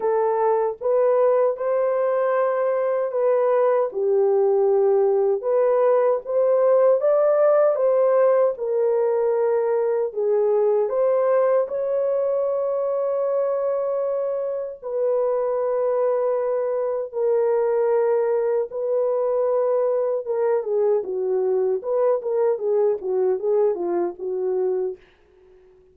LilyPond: \new Staff \with { instrumentName = "horn" } { \time 4/4 \tempo 4 = 77 a'4 b'4 c''2 | b'4 g'2 b'4 | c''4 d''4 c''4 ais'4~ | ais'4 gis'4 c''4 cis''4~ |
cis''2. b'4~ | b'2 ais'2 | b'2 ais'8 gis'8 fis'4 | b'8 ais'8 gis'8 fis'8 gis'8 f'8 fis'4 | }